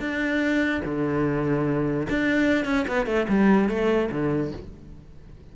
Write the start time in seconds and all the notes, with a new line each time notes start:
0.00 D4
0.85 D3
2.10 D4
2.65 C#4
2.88 B3
3.06 A3
3.29 G3
3.69 A3
4.12 D3